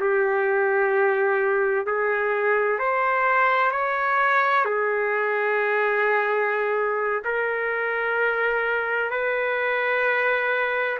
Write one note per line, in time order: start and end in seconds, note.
0.00 1.86 G4
1.86 2.79 G#4
2.79 3.71 C5
3.71 4.65 C#5
4.65 7.23 G#4
7.24 9.10 A#4
9.10 10.98 B4